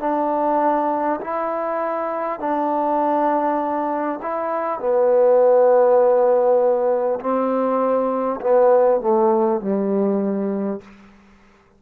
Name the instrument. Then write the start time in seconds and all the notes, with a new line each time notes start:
trombone
0.00 D4
1.21 E4
2.40 D4
4.22 E4
4.79 B3
7.20 C4
8.41 B3
9.01 A3
9.61 G3